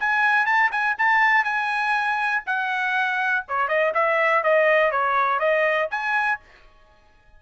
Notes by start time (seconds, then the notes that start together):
0.00 G#5
0.46 A5
0.72 G#5
0.98 A5
1.44 G#5
2.47 F#5
3.48 C#5
3.68 D#5
3.94 E5
4.44 D#5
4.92 C#5
5.40 D#5
5.91 G#5